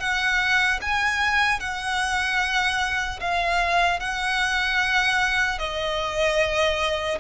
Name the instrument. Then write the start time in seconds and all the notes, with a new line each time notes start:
violin
0.00 F#5
0.82 G#5
1.60 F#5
3.21 F5
4.00 F#5
5.59 D#5